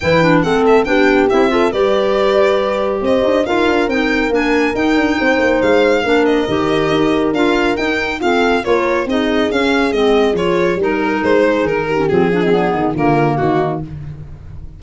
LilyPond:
<<
  \new Staff \with { instrumentName = "violin" } { \time 4/4 \tempo 4 = 139 g''4 fis''8 e''8 g''4 e''4 | d''2. dis''4 | f''4 g''4 gis''4 g''4~ | g''4 f''4. dis''4.~ |
dis''4 f''4 g''4 f''4 | cis''4 dis''4 f''4 dis''4 | cis''4 ais'4 c''4 ais'4 | gis'2 ais'4 fis'4 | }
  \new Staff \with { instrumentName = "horn" } { \time 4/4 b'4 a'4 g'4. a'8 | b'2. c''4 | ais'1 | c''2 ais'2~ |
ais'2. a'4 | ais'4 gis'2.~ | gis'4 ais'4. gis'4 g'8~ | g'8 f'16 dis'16 d'8 dis'8 f'4 dis'4 | }
  \new Staff \with { instrumentName = "clarinet" } { \time 4/4 e'8 d'8 c'4 d'4 e'8 f'8 | g'1 | f'4 dis'4 d'4 dis'4~ | dis'2 d'4 g'4~ |
g'4 f'4 dis'4 c'4 | f'4 dis'4 cis'4 c'4 | f'4 dis'2~ dis'8. cis'16 | c'8 d'16 c'16 b4 ais2 | }
  \new Staff \with { instrumentName = "tuba" } { \time 4/4 e4 a4 b4 c'4 | g2. c'8 d'8 | dis'8 d'8 c'4 ais4 dis'8 d'8 | c'8 ais8 gis4 ais4 dis4 |
dis'4 d'4 dis'4 f'4 | ais4 c'4 cis'4 gis4 | f4 g4 gis4 dis4 | f4. dis8 d4 dis4 | }
>>